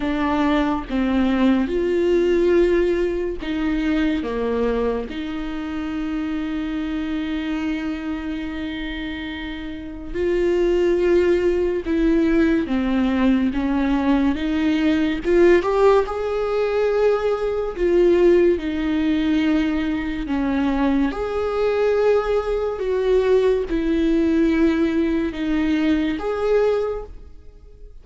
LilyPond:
\new Staff \with { instrumentName = "viola" } { \time 4/4 \tempo 4 = 71 d'4 c'4 f'2 | dis'4 ais4 dis'2~ | dis'1 | f'2 e'4 c'4 |
cis'4 dis'4 f'8 g'8 gis'4~ | gis'4 f'4 dis'2 | cis'4 gis'2 fis'4 | e'2 dis'4 gis'4 | }